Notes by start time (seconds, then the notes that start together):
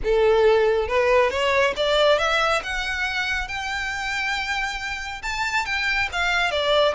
0.04 A4
0.88 B4
1.30 C#5
1.76 D5
2.18 E5
2.63 F#5
3.48 G5
5.22 A5
5.65 G5
6.12 F5
6.51 D5